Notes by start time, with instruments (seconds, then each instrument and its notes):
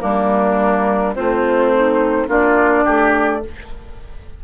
0.00 bassoon G3, clarinet A#3, oboe D4, flute A#4
1.15 bassoon A3, oboe C4, clarinet F4, flute C5
1.74 clarinet D#4
2.28 bassoon A#3, clarinet D4, oboe F4, flute D5
2.84 bassoon A3, oboe G4